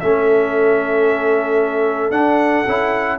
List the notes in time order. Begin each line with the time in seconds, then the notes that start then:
0.00 A3 C#4 A4 E5
2.10 D4 F#5
2.67 C#4 E4